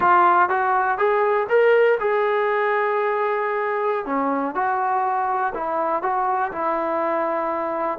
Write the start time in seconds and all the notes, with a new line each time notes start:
0.00 F4
0.49 F#4
0.98 G#4
1.49 A#4
1.99 G#4
4.05 C#4
4.54 F#4
5.54 E4
6.02 F#4
6.52 E4